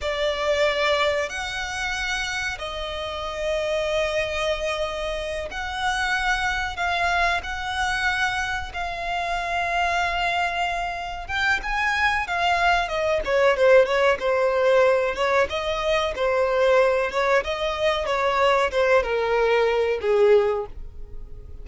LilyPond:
\new Staff \with { instrumentName = "violin" } { \time 4/4 \tempo 4 = 93 d''2 fis''2 | dis''1~ | dis''8 fis''2 f''4 fis''8~ | fis''4. f''2~ f''8~ |
f''4. g''8 gis''4 f''4 | dis''8 cis''8 c''8 cis''8 c''4. cis''8 | dis''4 c''4. cis''8 dis''4 | cis''4 c''8 ais'4. gis'4 | }